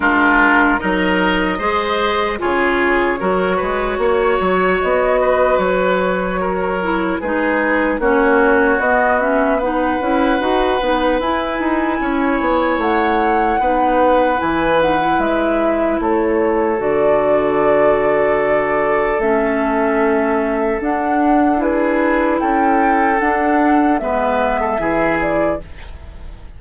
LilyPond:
<<
  \new Staff \with { instrumentName = "flute" } { \time 4/4 \tempo 4 = 75 ais'4 dis''2 cis''4~ | cis''2 dis''4 cis''4~ | cis''4 b'4 cis''4 dis''8 e''8 | fis''2 gis''2 |
fis''2 gis''8 fis''8 e''4 | cis''4 d''2. | e''2 fis''4 b'4 | g''4 fis''4 e''4. d''8 | }
  \new Staff \with { instrumentName = "oboe" } { \time 4/4 f'4 ais'4 c''4 gis'4 | ais'8 b'8 cis''4. b'4. | ais'4 gis'4 fis'2 | b'2. cis''4~ |
cis''4 b'2. | a'1~ | a'2. gis'4 | a'2 b'8. a'16 gis'4 | }
  \new Staff \with { instrumentName = "clarinet" } { \time 4/4 d'4 dis'4 gis'4 f'4 | fis'1~ | fis'8 e'8 dis'4 cis'4 b8 cis'8 | dis'8 e'8 fis'8 dis'8 e'2~ |
e'4 dis'4 e'8 dis'16 e'4~ e'16~ | e'4 fis'2. | cis'2 d'4 e'4~ | e'4 d'4 b4 e'4 | }
  \new Staff \with { instrumentName = "bassoon" } { \time 4/4 gis4 fis4 gis4 cis4 | fis8 gis8 ais8 fis8 b4 fis4~ | fis4 gis4 ais4 b4~ | b8 cis'8 dis'8 b8 e'8 dis'8 cis'8 b8 |
a4 b4 e4 gis4 | a4 d2. | a2 d'2 | cis'4 d'4 gis4 e4 | }
>>